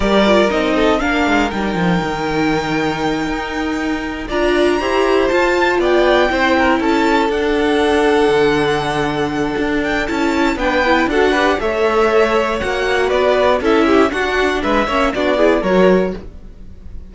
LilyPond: <<
  \new Staff \with { instrumentName = "violin" } { \time 4/4 \tempo 4 = 119 d''4 dis''4 f''4 g''4~ | g''1~ | g''8 ais''2 a''4 g''8~ | g''4. a''4 fis''4.~ |
fis''2.~ fis''8 g''8 | a''4 g''4 fis''4 e''4~ | e''4 fis''4 d''4 e''4 | fis''4 e''4 d''4 cis''4 | }
  \new Staff \with { instrumentName = "violin" } { \time 4/4 ais'4. a'8 ais'2~ | ais'1~ | ais'8 d''4 c''2 d''8~ | d''8 c''8 ais'8 a'2~ a'8~ |
a'1~ | a'4 b'4 a'8 b'8 cis''4~ | cis''2 b'4 a'8 g'8 | fis'4 b'8 cis''8 fis'8 gis'8 ais'4 | }
  \new Staff \with { instrumentName = "viola" } { \time 4/4 g'8 f'8 dis'4 d'4 dis'4~ | dis'1~ | dis'8 f'4 g'4 f'4.~ | f'8 e'2 d'4.~ |
d'1 | e'4 d'8 e'8 fis'8 g'8 a'4~ | a'4 fis'2 e'4 | d'4. cis'8 d'8 e'8 fis'4 | }
  \new Staff \with { instrumentName = "cello" } { \time 4/4 g4 c'4 ais8 gis8 g8 f8 | dis2~ dis8 dis'4.~ | dis'8 d'4 e'4 f'4 b8~ | b8 c'4 cis'4 d'4.~ |
d'8 d2~ d8 d'4 | cis'4 b4 d'4 a4~ | a4 ais4 b4 cis'4 | d'4 gis8 ais8 b4 fis4 | }
>>